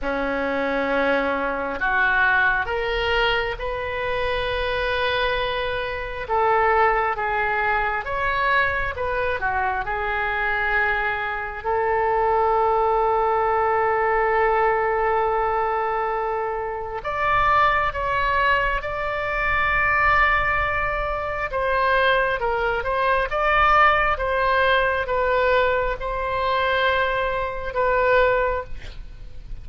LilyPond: \new Staff \with { instrumentName = "oboe" } { \time 4/4 \tempo 4 = 67 cis'2 fis'4 ais'4 | b'2. a'4 | gis'4 cis''4 b'8 fis'8 gis'4~ | gis'4 a'2.~ |
a'2. d''4 | cis''4 d''2. | c''4 ais'8 c''8 d''4 c''4 | b'4 c''2 b'4 | }